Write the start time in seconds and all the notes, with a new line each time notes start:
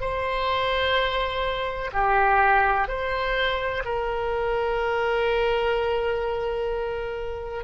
0.00 C5
1.92 G4
2.88 C5
3.84 A#4